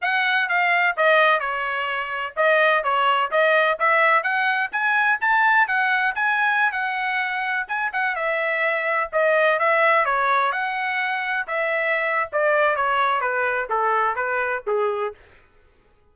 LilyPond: \new Staff \with { instrumentName = "trumpet" } { \time 4/4 \tempo 4 = 127 fis''4 f''4 dis''4 cis''4~ | cis''4 dis''4 cis''4 dis''4 | e''4 fis''4 gis''4 a''4 | fis''4 gis''4~ gis''16 fis''4.~ fis''16~ |
fis''16 gis''8 fis''8 e''2 dis''8.~ | dis''16 e''4 cis''4 fis''4.~ fis''16~ | fis''16 e''4.~ e''16 d''4 cis''4 | b'4 a'4 b'4 gis'4 | }